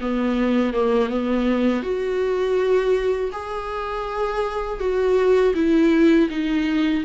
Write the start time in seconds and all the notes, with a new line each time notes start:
0.00 B3
0.73 A#3
1.09 B3
1.82 F#4
3.32 G#4
4.79 F#4
5.54 E4
6.30 D#4